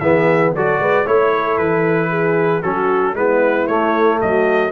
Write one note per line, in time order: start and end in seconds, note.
0.00 0.54 E3
0.00 0.56 B3
0.00 0.53 G#4
0.00 0.52 E5
0.55 0.80 F#3
0.55 1.06 F#4
0.55 0.81 A4
0.55 1.07 D5
0.80 1.06 G#3
0.80 1.05 B4
1.05 1.58 A3
1.05 2.62 E4
1.05 1.32 C#5
1.05 1.58 C#5
1.34 2.10 A4
1.58 2.63 E3
1.58 2.62 B4
2.10 2.62 G#4
2.62 3.14 F#3
2.62 3.16 C#4
2.62 3.14 F#4
2.62 3.15 A4
3.14 3.66 G#3
3.14 3.68 B3
3.14 4.21 E4
3.14 3.67 B4
3.67 4.20 A3
3.67 4.72 A3
3.67 4.19 C#5
4.21 4.72 F#3
4.21 4.72 F#4
4.21 4.72 D#5